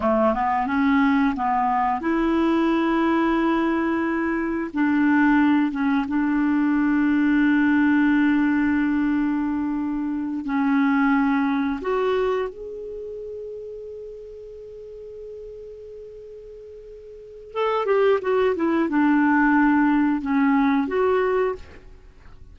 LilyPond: \new Staff \with { instrumentName = "clarinet" } { \time 4/4 \tempo 4 = 89 a8 b8 cis'4 b4 e'4~ | e'2. d'4~ | d'8 cis'8 d'2.~ | d'2.~ d'8 cis'8~ |
cis'4. fis'4 gis'4.~ | gis'1~ | gis'2 a'8 g'8 fis'8 e'8 | d'2 cis'4 fis'4 | }